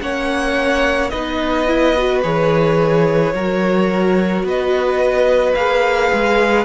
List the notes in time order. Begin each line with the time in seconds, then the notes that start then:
0.00 A#3 C#4 C#5 F#5
1.09 B3 D#4 B4 D#5
1.67 E4
1.96 F#4
2.22 E3 G#4 C#5
3.33 F#3 F#4 A#4
4.43 B3 B4 D#5
5.54 A#3 G#4 F5
6.12 G#3